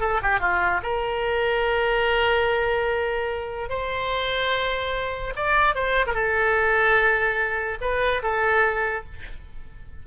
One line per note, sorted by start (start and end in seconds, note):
0.00 0.21 A4
0.22 0.39 G4
0.39 0.81 F4
0.82 3.69 A#4
3.69 5.33 C5
5.36 5.75 D5
5.75 6.05 C5
6.06 6.13 A#4
6.13 7.78 A4
7.81 8.22 B4
8.22 9.04 A4